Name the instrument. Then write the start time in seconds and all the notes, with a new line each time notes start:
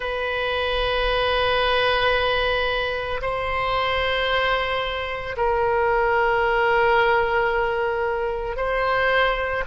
oboe
0.00 B4
3.21 C5
5.36 A#4
8.56 C5